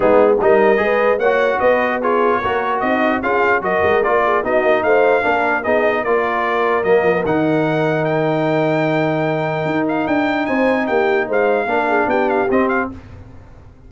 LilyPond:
<<
  \new Staff \with { instrumentName = "trumpet" } { \time 4/4 \tempo 4 = 149 gis'4 dis''2 fis''4 | dis''4 cis''2 dis''4 | f''4 dis''4 d''4 dis''4 | f''2 dis''4 d''4~ |
d''4 dis''4 fis''2 | g''1~ | g''8 f''8 g''4 gis''4 g''4 | f''2 g''8 f''8 dis''8 f''8 | }
  \new Staff \with { instrumentName = "horn" } { \time 4/4 dis'4 ais'4 b'4 cis''4 | b'4 gis'4 ais'4 dis'4 | gis'4 ais'4. gis'8 fis'4 | c''4 ais'4 gis'4 ais'4~ |
ais'1~ | ais'1~ | ais'2 c''4 g'4 | c''4 ais'8 gis'8 g'2 | }
  \new Staff \with { instrumentName = "trombone" } { \time 4/4 b4 dis'4 gis'4 fis'4~ | fis'4 f'4 fis'2 | f'4 fis'4 f'4 dis'4~ | dis'4 d'4 dis'4 f'4~ |
f'4 ais4 dis'2~ | dis'1~ | dis'1~ | dis'4 d'2 c'4 | }
  \new Staff \with { instrumentName = "tuba" } { \time 4/4 gis4 g4 gis4 ais4 | b2 ais4 c'4 | cis'4 fis8 gis8 ais4 b8 ais8 | a4 ais4 b4 ais4~ |
ais4 fis8 f8 dis2~ | dis1 | dis'4 d'4 c'4 ais4 | gis4 ais4 b4 c'4 | }
>>